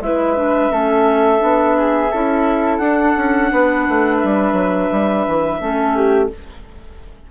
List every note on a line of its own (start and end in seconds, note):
0.00 0.70 G#3
0.00 0.36 E4
0.00 0.72 B4
0.00 2.77 E5
0.36 0.70 D4
0.70 1.41 A3
0.70 1.39 C#4
0.70 1.76 A4
1.39 2.12 B3
1.39 2.09 D4
1.78 2.11 G#4
2.11 2.79 C#4
2.11 2.83 E4
2.11 3.51 A4
2.77 3.14 D4
2.77 4.17 F#5
2.84 5.60 D4
3.17 3.52 C#4
3.52 3.87 B3
3.52 5.61 B4
3.89 4.24 A3
4.18 6.27 E5
4.24 4.53 G3
4.53 4.88 F#3
4.92 5.27 G3
5.27 5.60 E3
5.60 6.30 A3
5.60 6.30 C#4
5.60 5.96 A4
5.96 6.31 G4